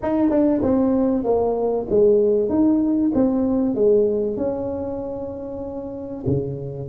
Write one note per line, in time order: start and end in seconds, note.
0.02 0.30 D#4
0.30 0.61 D4
0.62 1.24 C4
1.24 1.86 A#3
1.89 2.49 G#3
2.49 3.11 D#4
3.14 3.74 C4
3.74 4.37 G#3
4.37 6.24 C#4
6.26 6.88 C#3